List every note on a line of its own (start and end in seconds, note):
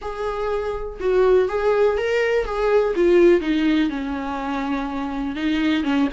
0.01 0.99 G#4
1.00 1.49 F#4
1.49 1.97 G#4
1.97 2.45 A#4
2.45 2.94 G#4
2.95 3.40 F4
3.40 3.89 D#4
3.89 5.35 C#4
5.35 5.83 D#4
5.83 6.07 C#4